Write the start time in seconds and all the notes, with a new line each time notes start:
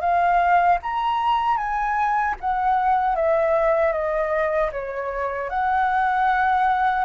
0.00 F5
0.82 A#5
1.57 G#5
2.40 F#5
3.15 E5
3.92 D#5
4.71 C#5
5.49 F#5